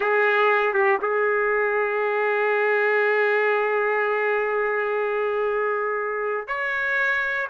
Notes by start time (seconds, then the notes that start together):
0.00 G#4
0.73 G4
1.01 G#4
6.47 C#5